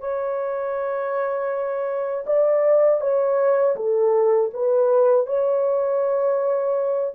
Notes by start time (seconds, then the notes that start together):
0.00 C#5
2.26 D5
3.01 C#5
3.76 A4
4.54 B4
5.26 C#5